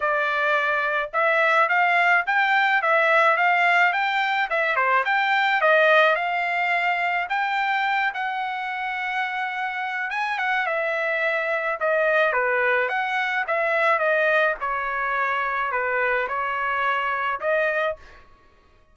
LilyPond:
\new Staff \with { instrumentName = "trumpet" } { \time 4/4 \tempo 4 = 107 d''2 e''4 f''4 | g''4 e''4 f''4 g''4 | e''8 c''8 g''4 dis''4 f''4~ | f''4 g''4. fis''4.~ |
fis''2 gis''8 fis''8 e''4~ | e''4 dis''4 b'4 fis''4 | e''4 dis''4 cis''2 | b'4 cis''2 dis''4 | }